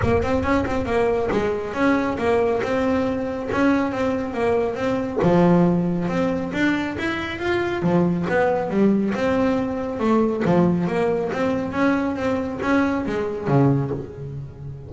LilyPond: \new Staff \with { instrumentName = "double bass" } { \time 4/4 \tempo 4 = 138 ais8 c'8 cis'8 c'8 ais4 gis4 | cis'4 ais4 c'2 | cis'4 c'4 ais4 c'4 | f2 c'4 d'4 |
e'4 f'4 f4 b4 | g4 c'2 a4 | f4 ais4 c'4 cis'4 | c'4 cis'4 gis4 cis4 | }